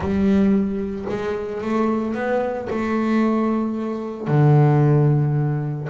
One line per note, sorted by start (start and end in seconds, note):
0.00 1.05 G3
1.09 1.61 G#3
1.61 2.14 A3
2.14 2.68 B3
2.70 4.27 A3
4.27 5.88 D3